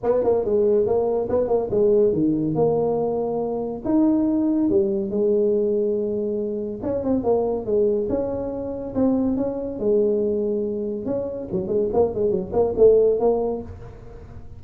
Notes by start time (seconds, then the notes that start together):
0.03 B3
0.23 A#3
0.44 G#3
0.85 A#3
1.29 B3
1.48 A#3
1.70 G#3
2.12 D#3
2.54 A#3
3.85 D#4
4.69 G3
5.10 G#3
6.82 C#4
7.03 C4
7.23 A#3
7.65 G#3
8.09 C#4
8.94 C4
9.37 C#4
9.79 G#3
11.05 C#4
11.51 F#3
11.67 G#3
11.93 A#3
12.14 G#3
12.30 F#3
12.52 A#3
12.77 A3
13.19 A#3